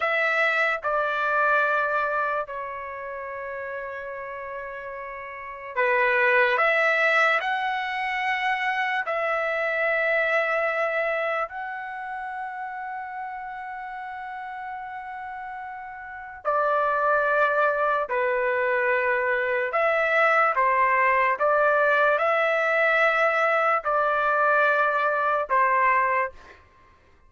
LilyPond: \new Staff \with { instrumentName = "trumpet" } { \time 4/4 \tempo 4 = 73 e''4 d''2 cis''4~ | cis''2. b'4 | e''4 fis''2 e''4~ | e''2 fis''2~ |
fis''1 | d''2 b'2 | e''4 c''4 d''4 e''4~ | e''4 d''2 c''4 | }